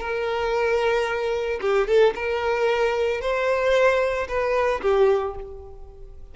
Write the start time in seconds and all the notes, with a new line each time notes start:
0.00 A#4
1.61 G4
1.87 A4
2.15 A#4
3.21 C5
4.28 B4
4.81 G4